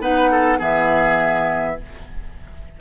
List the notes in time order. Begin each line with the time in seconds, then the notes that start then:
0.00 B3 D#4 B4 F#5
0.32 A4
0.58 E3 B3 G#4 E5